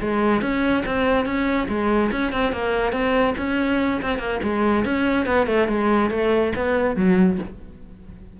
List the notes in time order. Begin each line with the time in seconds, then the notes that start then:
0.00 G#3
0.41 C#4
0.85 C4
1.25 C#4
1.68 G#3
2.11 C#4
2.32 C4
2.52 A#3
2.92 C4
3.37 C#4
4.02 C4
4.19 A#3
4.43 G#3
4.85 C#4
5.26 B3
5.47 A3
5.68 G#3
6.10 A3
6.55 B3
6.96 F#3